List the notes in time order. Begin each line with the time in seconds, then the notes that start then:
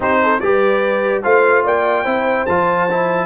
0.00 C4 D#4 G4 C5
0.22 A4
0.40 G3 G4 B4 D5
1.23 A3 F4 C5 F5
1.63 A#3 D5 G5
2.04 C4 E4 C5
2.46 F3 F4 A5
2.90 E4